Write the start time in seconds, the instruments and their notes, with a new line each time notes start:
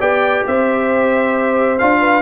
0.00 tuba B3, trombone G4, horn D5, trumpet G5
0.47 tuba C4, horn C5, trumpet E5
1.79 tuba D4, trombone F4, trumpet F5
2.00 horn B4